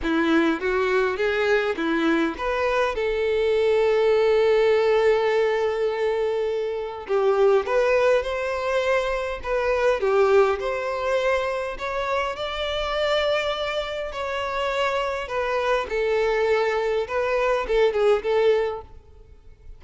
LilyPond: \new Staff \with { instrumentName = "violin" } { \time 4/4 \tempo 4 = 102 e'4 fis'4 gis'4 e'4 | b'4 a'2.~ | a'1 | g'4 b'4 c''2 |
b'4 g'4 c''2 | cis''4 d''2. | cis''2 b'4 a'4~ | a'4 b'4 a'8 gis'8 a'4 | }